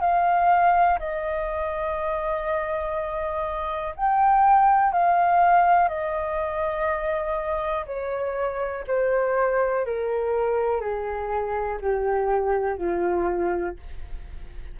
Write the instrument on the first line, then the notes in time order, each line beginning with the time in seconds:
flute
0.00 F5
0.99 D#5
3.95 G5
4.92 F5
5.88 D#5
7.86 C#5
8.87 C5
9.85 A#4
10.80 G#4
11.81 G4
12.78 F4